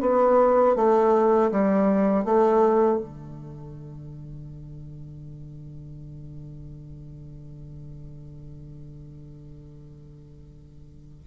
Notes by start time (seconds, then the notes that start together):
0.00 B3
0.75 A3
1.51 G3
2.25 A3
2.98 D3